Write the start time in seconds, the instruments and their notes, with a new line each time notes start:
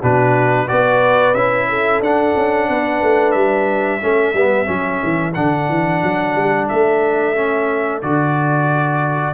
0.00 tuba B2, trombone D4, horn F#4, trumpet B4
0.67 tuba B3, trombone F#4, horn B4, trumpet D5
1.34 tuba C#4, trombone E4, trumpet E5
1.69 horn A4
2.01 tuba D4, trombone D4, trumpet F#5
2.36 tuba C#4
2.68 tuba B3, horn B4
3.02 tuba A3
3.31 tuba G3, trumpet E5
4.02 tuba A3, trombone C#4, horn A4
4.33 tuba G3, trombone B3
4.66 tuba F#3, trombone C#4
5.03 tuba E3
5.34 tuba D3, trombone D4, trumpet F#5
5.69 tuba E3
6.03 tuba F#3
6.35 tuba G3
6.68 tuba A3, trumpet E5
7.35 trombone C#4
8.02 tuba D3, trombone F#4, trumpet D5